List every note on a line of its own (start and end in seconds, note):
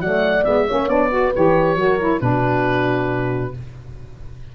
0.00 0.44 F#3
0.00 0.44 A3
0.00 0.67 D5
0.00 0.44 F#5
0.44 0.68 G#3
0.44 0.66 B3
0.44 0.88 E5
0.67 0.88 A#3
0.67 0.88 C#4
0.67 1.11 C#5
0.88 1.32 B3
0.88 1.10 D4
0.88 1.33 D5
1.10 1.32 F#4
1.10 1.78 B4
1.34 1.75 E3
1.34 1.77 G4
1.34 2.20 C#5
1.75 2.19 F#3
1.75 1.99 F#4
1.75 2.22 A#4
1.99 2.20 E4
2.20 3.53 B2
2.20 3.52 D4
2.20 3.55 F#4
2.20 3.53 B4